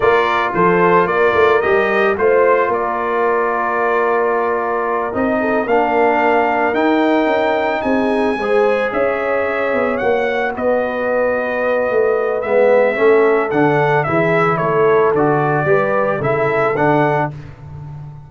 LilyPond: <<
  \new Staff \with { instrumentName = "trumpet" } { \time 4/4 \tempo 4 = 111 d''4 c''4 d''4 dis''4 | c''4 d''2.~ | d''4. dis''4 f''4.~ | f''8 g''2 gis''4.~ |
gis''8 e''2 fis''4 dis''8~ | dis''2. e''4~ | e''4 fis''4 e''4 cis''4 | d''2 e''4 fis''4 | }
  \new Staff \with { instrumentName = "horn" } { \time 4/4 ais'4 a'4 ais'2 | c''4 ais'2.~ | ais'2 a'8 ais'4.~ | ais'2~ ais'8 gis'4 c''8~ |
c''8 cis''2. b'8~ | b'1 | a'2 gis'4 a'4~ | a'4 b'4 a'2 | }
  \new Staff \with { instrumentName = "trombone" } { \time 4/4 f'2. g'4 | f'1~ | f'4. dis'4 d'4.~ | d'8 dis'2. gis'8~ |
gis'2~ gis'8 fis'4.~ | fis'2. b4 | cis'4 d'4 e'2 | fis'4 g'4 e'4 d'4 | }
  \new Staff \with { instrumentName = "tuba" } { \time 4/4 ais4 f4 ais8 a8 g4 | a4 ais2.~ | ais4. c'4 ais4.~ | ais8 dis'4 cis'4 c'4 gis8~ |
gis8 cis'4. b8 ais4 b8~ | b2 a4 gis4 | a4 d4 e4 a4 | d4 g4 cis4 d4 | }
>>